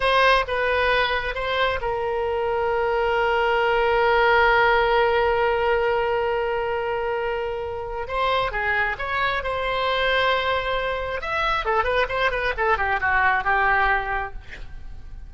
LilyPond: \new Staff \with { instrumentName = "oboe" } { \time 4/4 \tempo 4 = 134 c''4 b'2 c''4 | ais'1~ | ais'1~ | ais'1~ |
ais'2 c''4 gis'4 | cis''4 c''2.~ | c''4 e''4 a'8 b'8 c''8 b'8 | a'8 g'8 fis'4 g'2 | }